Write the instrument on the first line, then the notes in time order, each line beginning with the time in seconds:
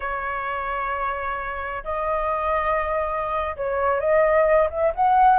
flute
0.00 C#5
1.84 D#5
3.56 C#5
4.00 D#5
4.69 E5
4.95 F#5